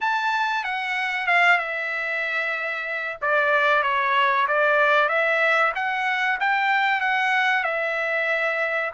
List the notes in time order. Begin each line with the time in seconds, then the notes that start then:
0.01 A5
0.64 F#5
1.26 F5
1.58 E5
3.21 D5
3.83 C#5
4.47 D5
5.08 E5
5.75 F#5
6.40 G5
7.00 F#5
7.63 E5